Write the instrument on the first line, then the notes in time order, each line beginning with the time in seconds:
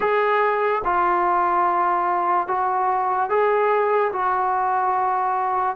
trombone
0.00 G#4
0.84 F4
2.47 F#4
3.29 G#4
4.12 F#4